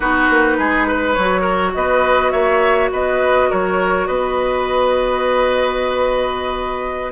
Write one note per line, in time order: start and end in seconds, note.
0.00 0.28 B3
0.00 1.17 D#4
0.00 0.57 F#4
0.00 1.13 B4
0.29 0.58 A#3
0.58 1.16 G#3
0.58 0.87 G#4
0.87 1.41 B4
1.13 1.75 F#3
1.13 7.12 F#4
1.13 1.71 C#5
1.41 1.70 A#4
1.74 2.33 B3
1.74 2.32 B4
1.74 2.31 D#5
2.31 2.91 A#3
2.31 2.90 C#5
2.31 2.89 E5
2.91 3.50 B3
2.91 3.49 B4
2.91 3.51 D#5
3.49 4.08 F#3
3.49 4.07 A#4
3.49 4.06 C#5
4.06 7.12 B3
4.06 7.12 B4
4.06 7.12 D#5